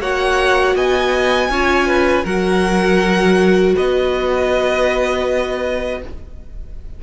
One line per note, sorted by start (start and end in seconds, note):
0.00 0.75 A#3
0.00 1.51 F#4
0.00 0.75 C#5
0.00 0.76 F#5
0.75 1.49 B3
0.75 1.50 D#5
0.75 2.26 G#5
1.49 2.24 C#4
1.49 2.26 F4
1.49 1.87 C#5
1.87 2.24 B4
2.24 3.75 F#3
2.24 6.01 F#4
2.24 3.74 A#4
2.24 3.76 F#5
3.75 6.03 B3
3.75 6.00 B4
3.75 6.01 D#5